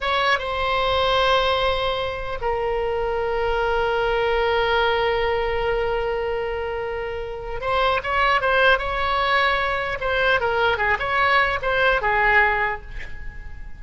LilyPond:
\new Staff \with { instrumentName = "oboe" } { \time 4/4 \tempo 4 = 150 cis''4 c''2.~ | c''2 ais'2~ | ais'1~ | ais'1~ |
ais'2. c''4 | cis''4 c''4 cis''2~ | cis''4 c''4 ais'4 gis'8 cis''8~ | cis''4 c''4 gis'2 | }